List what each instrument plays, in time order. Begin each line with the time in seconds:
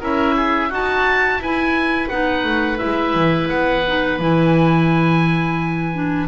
0.00 double bass C#4, clarinet E4, oboe A#4 E5
0.36 oboe G#4
0.69 double bass D#4, oboe F#4 A5, clarinet F#4
1.37 double bass E4, oboe B4 G#5
1.44 clarinet E4
2.09 double bass B3, clarinet D#4, oboe F#5
2.44 double bass A3
2.77 clarinet E4, oboe E5
2.84 double bass G#3
3.15 double bass E3
3.48 double bass B3, oboe F#5
3.87 clarinet D#4
4.19 double bass E3, clarinet E4, oboe G#5
5.93 clarinet D4